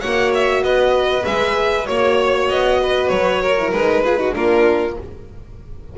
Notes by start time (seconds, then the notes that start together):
0.00 A#3 F#4 C#5 F#5
0.34 E5
0.62 B3 B4 D#5
1.23 G#3 G#4 E5
1.85 A#3 F#4 C#5
2.49 B3 D#5
2.82 B4
3.08 F#3 C#5
3.41 A#4
3.57 E4
3.71 G#3 D#4 B4
4.04 F4 G#4
4.16 D#4 F#4
4.31 A#3 D4 F4 A#4